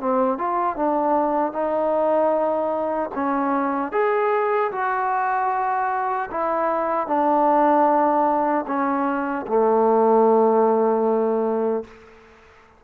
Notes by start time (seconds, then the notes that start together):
0.00 C4
0.38 F4
0.76 D4
1.52 D#4
3.14 C#4
3.92 G#4
4.71 F#4
6.31 E4
7.07 D4
8.67 C#4
9.47 A3